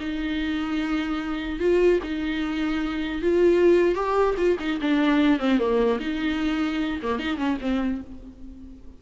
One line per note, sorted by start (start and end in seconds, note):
0.00 1.60 D#4
1.60 2.00 F4
2.03 3.22 D#4
3.22 3.95 F4
3.95 4.35 G4
4.38 4.58 F4
4.60 4.80 D#4
4.81 5.40 D4
5.40 5.59 C4
5.59 5.99 A#3
6.00 7.00 D#4
7.03 7.19 A#3
7.19 7.38 D#4
7.38 7.58 C#4
7.61 8.01 C4